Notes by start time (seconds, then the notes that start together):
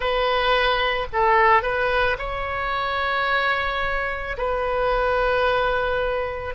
0.00 B4
1.13 A4
1.62 B4
2.18 C#5
4.37 B4